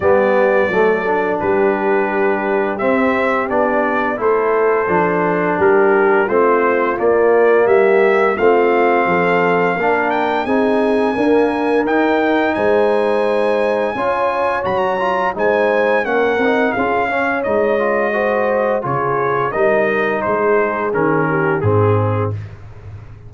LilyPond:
<<
  \new Staff \with { instrumentName = "trumpet" } { \time 4/4 \tempo 4 = 86 d''2 b'2 | e''4 d''4 c''2 | ais'4 c''4 d''4 e''4 | f''2~ f''8 g''8 gis''4~ |
gis''4 g''4 gis''2~ | gis''4 ais''4 gis''4 fis''4 | f''4 dis''2 cis''4 | dis''4 c''4 ais'4 gis'4 | }
  \new Staff \with { instrumentName = "horn" } { \time 4/4 g'4 a'4 g'2~ | g'2 a'2 | g'4 f'2 g'4 | f'4 a'4 ais'4 gis'4 |
ais'2 c''2 | cis''2 c''4 ais'4 | gis'8 cis''4. c''4 gis'4 | ais'4 gis'4. g'8 gis'4 | }
  \new Staff \with { instrumentName = "trombone" } { \time 4/4 b4 a8 d'2~ d'8 | c'4 d'4 e'4 d'4~ | d'4 c'4 ais2 | c'2 d'4 dis'4 |
ais4 dis'2. | f'4 fis'8 f'8 dis'4 cis'8 dis'8 | f'8 cis'8 dis'8 f'8 fis'4 f'4 | dis'2 cis'4 c'4 | }
  \new Staff \with { instrumentName = "tuba" } { \time 4/4 g4 fis4 g2 | c'4 b4 a4 f4 | g4 a4 ais4 g4 | a4 f4 ais4 c'4 |
d'4 dis'4 gis2 | cis'4 fis4 gis4 ais8 c'8 | cis'4 gis2 cis4 | g4 gis4 dis4 gis,4 | }
>>